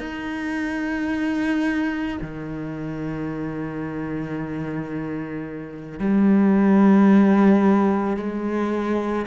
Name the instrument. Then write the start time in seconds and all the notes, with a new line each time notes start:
cello
0.00 D#4
2.22 D#3
5.99 G3
8.17 G#3